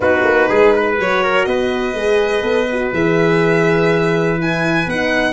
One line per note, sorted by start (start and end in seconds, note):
0.00 0.21 B3
0.00 0.97 D#4
0.00 0.49 F#4
0.00 0.98 B4
0.24 0.48 A#3
0.49 0.99 G#3
0.49 0.73 G#4
0.75 1.23 B4
0.97 1.46 F#3
0.97 1.95 F#4
0.97 1.45 C#5
1.23 1.47 A#4
1.45 1.94 B3
1.45 5.33 B4
1.45 2.91 D#5
1.94 2.42 G#3
1.94 2.42 G#4
2.42 2.91 B3
2.42 2.66 A4
2.72 2.93 F#4
2.92 4.86 E3
2.92 4.38 G#4
2.92 4.40 E5
4.38 4.87 E4
4.38 4.89 G#5
4.86 5.33 B3
4.86 5.33 D#4
4.86 5.33 F#5